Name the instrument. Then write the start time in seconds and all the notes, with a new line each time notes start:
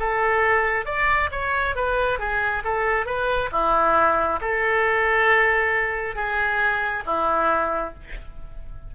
oboe
0.00 A4
0.86 D5
1.32 C#5
1.76 B4
2.19 G#4
2.65 A4
3.06 B4
3.52 E4
4.41 A4
6.16 G#4
7.06 E4